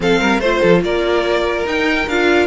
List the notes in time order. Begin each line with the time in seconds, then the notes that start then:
0.00 F3 C4 A4 F5
0.20 G3 A#4
0.38 A3 F4 C5
0.59 F3 A4
0.82 A#3 A#4 D5
1.65 D#4 G5
2.07 D4 F4 F5